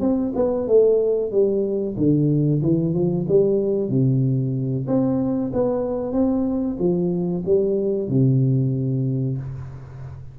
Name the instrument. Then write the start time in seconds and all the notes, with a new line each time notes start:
tuba
0.00 C4
0.35 B3
0.67 A3
1.31 G3
1.96 D3
2.61 E3
2.93 F3
3.28 G3
3.89 C3
4.87 C4
5.52 B3
6.12 C4
6.79 F3
7.45 G3
8.08 C3